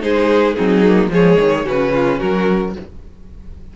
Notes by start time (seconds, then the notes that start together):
0.00 G#3 D#4 G#4 C5
0.53 F#3 C4 D#4 G#4
0.87 A#3
1.09 F3 G#3 G#4 C#5
1.39 D#3
1.64 C#3 C#4 F#4 B4
1.92 F4
2.19 F#3 F#4 A#4